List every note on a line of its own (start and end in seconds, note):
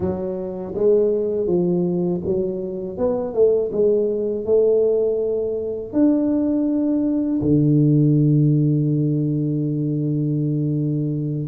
0.00 0.74 F#3
0.74 1.46 G#3
1.46 2.21 F3
2.25 2.97 F#3
2.97 3.33 B3
3.33 3.70 A3
3.71 4.45 G#3
4.45 5.93 A3
5.93 7.41 D4
7.41 11.48 D3